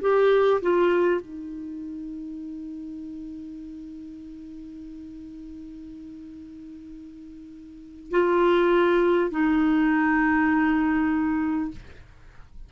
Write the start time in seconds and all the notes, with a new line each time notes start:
0.00 G4
0.61 F4
1.20 D#4
8.10 F4
9.30 D#4